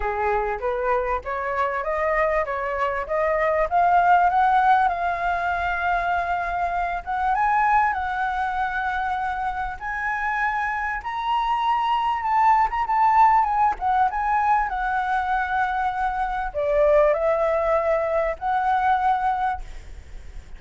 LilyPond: \new Staff \with { instrumentName = "flute" } { \time 4/4 \tempo 4 = 98 gis'4 b'4 cis''4 dis''4 | cis''4 dis''4 f''4 fis''4 | f''2.~ f''8 fis''8 | gis''4 fis''2. |
gis''2 ais''2 | a''8. ais''16 a''4 gis''8 fis''8 gis''4 | fis''2. d''4 | e''2 fis''2 | }